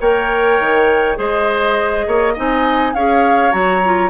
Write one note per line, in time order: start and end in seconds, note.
0.00 0.59 A#3
0.00 1.15 A#4
0.00 1.18 C#5
0.00 1.18 G5
0.59 1.18 D#3
1.15 2.06 G#3
1.15 2.33 G#4
1.15 2.06 C5
1.15 2.36 D#5
2.07 2.36 A#3
2.07 2.33 C#5
2.33 2.94 C4
2.33 2.94 D#4
2.33 2.92 D#5
2.33 2.94 G#5
2.94 3.53 C#4
2.94 3.51 G#4
2.94 4.09 C#5
2.94 3.52 F5
3.51 4.09 F#3
3.51 3.81 F#4
3.51 4.09 A#5
3.84 4.09 F4